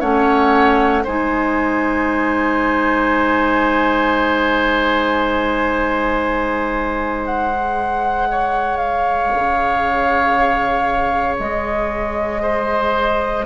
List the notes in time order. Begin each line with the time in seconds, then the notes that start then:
0.00 A3 C#4 C#5 F#5
1.04 G#3 D#4 C5 G#5
7.26 F#5
7.53 G#4
8.31 C#5
8.77 F5
9.35 C#3
11.39 G#3 D#5
12.42 C5